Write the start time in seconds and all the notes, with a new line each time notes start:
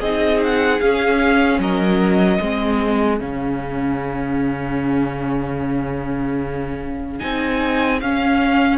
0.00 C4 D#4 G#4 D#5
0.44 F#5
0.80 C#4 F5
1.59 F#3 A#4 D#5
2.41 G#3 C4 G#4
3.20 C#3 C#4 F5
7.19 C4 D#4 G#5
8.01 C#4 F5